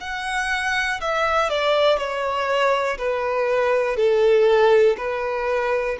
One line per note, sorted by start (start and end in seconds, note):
0.00 1.00 F#5
1.01 1.50 E5
1.50 1.98 D5
1.98 2.98 C#5
2.98 3.96 B4
3.96 4.96 A4
4.97 5.97 B4